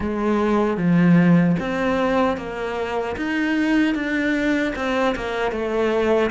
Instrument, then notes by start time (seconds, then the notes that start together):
cello
0.00 G#3
0.77 F3
1.59 C4
2.37 A#3
3.16 D#4
3.94 D4
4.75 C4
5.15 A#3
5.51 A3